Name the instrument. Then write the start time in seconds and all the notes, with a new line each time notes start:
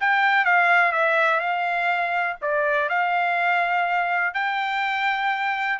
trumpet
0.00 G5
0.44 F5
0.92 E5
1.40 F5
2.41 D5
2.89 F5
4.34 G5